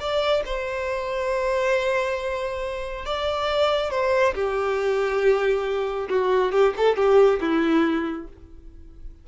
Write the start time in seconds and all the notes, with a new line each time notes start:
0.00 D5
0.46 C5
3.06 D5
3.91 C5
4.35 G4
6.10 F#4
6.52 G4
6.77 A4
6.97 G4
7.41 E4